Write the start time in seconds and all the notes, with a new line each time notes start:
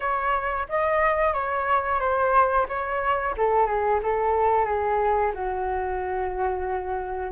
0.00 C#5
0.68 D#5
1.33 C#5
1.99 C5
2.68 C#5
3.37 A4
3.66 G#4
4.02 A4
4.65 G#4
5.34 F#4